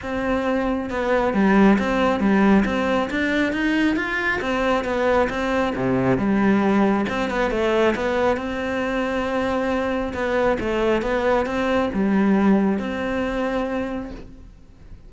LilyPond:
\new Staff \with { instrumentName = "cello" } { \time 4/4 \tempo 4 = 136 c'2 b4 g4 | c'4 g4 c'4 d'4 | dis'4 f'4 c'4 b4 | c'4 c4 g2 |
c'8 b8 a4 b4 c'4~ | c'2. b4 | a4 b4 c'4 g4~ | g4 c'2. | }